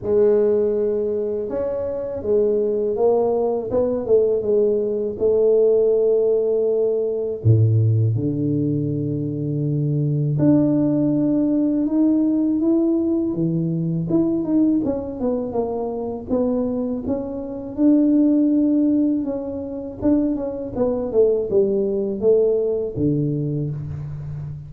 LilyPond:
\new Staff \with { instrumentName = "tuba" } { \time 4/4 \tempo 4 = 81 gis2 cis'4 gis4 | ais4 b8 a8 gis4 a4~ | a2 a,4 d4~ | d2 d'2 |
dis'4 e'4 e4 e'8 dis'8 | cis'8 b8 ais4 b4 cis'4 | d'2 cis'4 d'8 cis'8 | b8 a8 g4 a4 d4 | }